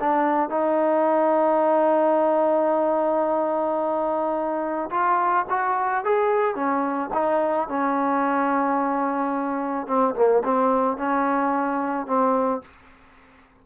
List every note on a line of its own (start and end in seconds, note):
0.00 0.50 D4
0.50 4.90 D#4
4.90 5.45 F4
5.49 6.05 F#4
6.05 6.55 G#4
6.55 7.10 C#4
7.14 7.68 D#4
7.68 9.87 C#4
9.87 10.15 C4
10.15 10.43 A#3
10.45 10.97 C4
10.97 12.07 C#4
12.07 12.62 C4